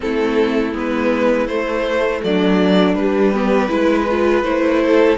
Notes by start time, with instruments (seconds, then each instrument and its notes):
0.00 cello A3, viola C4, violin E4 A4
0.73 cello G#3, viola B3, violin B4
1.47 cello A3, viola A3, violin C5
2.24 cello F#3, violin D4 D5
2.94 cello G3, viola G3, violin B4
3.33 viola B3, violin G4
3.69 cello G#3, viola E4, violin B4
4.09 viola F4
4.43 cello A3, viola E4, violin C5
4.82 violin A4